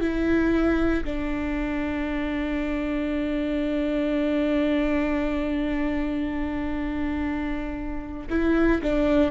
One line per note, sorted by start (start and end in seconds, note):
0.00 1.03 E4
1.04 8.28 D4
8.29 8.81 E4
8.82 9.31 D4